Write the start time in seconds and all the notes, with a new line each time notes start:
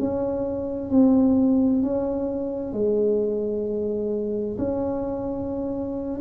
0.00 C#4
0.90 C4
1.83 C#4
2.73 G#3
4.59 C#4